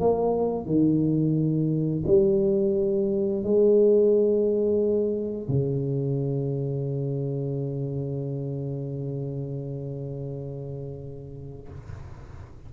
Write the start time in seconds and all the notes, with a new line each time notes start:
0.00 A#3
0.66 D#3
2.07 G3
3.44 G#3
5.48 C#3